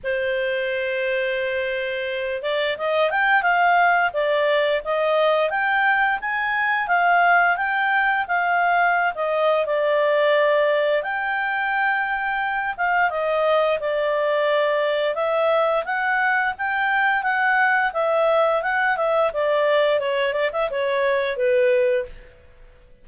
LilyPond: \new Staff \with { instrumentName = "clarinet" } { \time 4/4 \tempo 4 = 87 c''2.~ c''8 d''8 | dis''8 g''8 f''4 d''4 dis''4 | g''4 gis''4 f''4 g''4 | f''4~ f''16 dis''8. d''2 |
g''2~ g''8 f''8 dis''4 | d''2 e''4 fis''4 | g''4 fis''4 e''4 fis''8 e''8 | d''4 cis''8 d''16 e''16 cis''4 b'4 | }